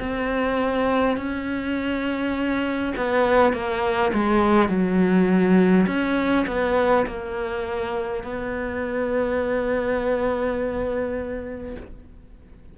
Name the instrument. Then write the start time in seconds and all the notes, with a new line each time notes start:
cello
0.00 C4
1.18 C#4
2.97 B3
3.53 A#3
4.14 G#3
4.69 F#3
5.87 C#4
6.48 B3
7.07 A#3
8.24 B3